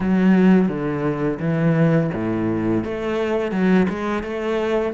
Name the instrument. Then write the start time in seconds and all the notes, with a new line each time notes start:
cello
0.00 F#3
0.68 D3
1.39 E3
2.13 A2
2.84 A3
3.51 F#3
3.89 G#3
4.23 A3